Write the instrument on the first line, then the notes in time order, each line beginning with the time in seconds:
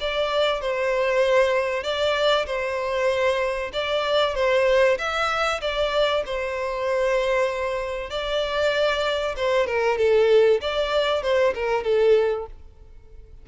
violin
0.00 D5
0.61 C5
1.83 D5
2.46 C5
3.73 D5
4.35 C5
4.98 E5
5.61 D5
6.26 C5
8.10 D5
9.36 C5
9.67 A#4
9.98 A4
10.61 D5
11.22 C5
11.55 A#4
11.84 A4